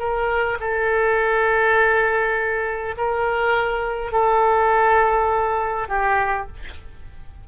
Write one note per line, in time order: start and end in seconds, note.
0.00 0.59 A#4
0.60 2.96 A4
2.97 4.12 A#4
4.12 5.89 A4
5.89 6.48 G4